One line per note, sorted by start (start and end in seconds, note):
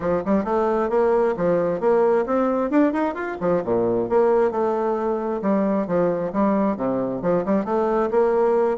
0.00 0.23 F3
0.25 0.44 G3
0.44 0.89 A3
0.89 1.35 A#3
1.36 1.80 F3
1.80 2.25 A#3
2.26 2.70 C4
2.70 2.92 D4
2.92 3.14 D#4
3.14 3.37 F4
3.40 3.62 F3
3.64 4.09 A#2
4.09 4.51 A#3
4.51 5.41 A3
5.42 5.87 G3
5.87 6.32 F3
6.33 6.76 G3
6.76 7.22 C3
7.22 7.44 F3
7.45 7.65 G3
7.65 8.10 A3
8.10 8.78 A#3